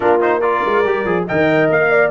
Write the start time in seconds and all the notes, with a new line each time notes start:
0.00 A#3 D4 F4 A#4
0.20 D#4 C5
0.39 F4 A#4 D5
0.65 G#3
0.85 G3 G4
1.04 F3 G#4
1.27 D#3 A#4 D#5 G5
1.69 A#3 F5
1.90 D5